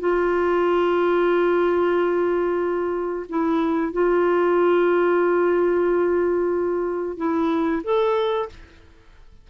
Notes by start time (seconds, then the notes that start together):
0.00 F4
3.29 E4
3.93 F4
7.17 E4
7.84 A4